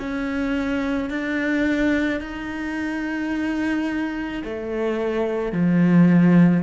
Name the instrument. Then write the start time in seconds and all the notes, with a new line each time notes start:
cello
0.00 C#4
1.10 D4
2.21 D#4
4.44 A3
5.53 F3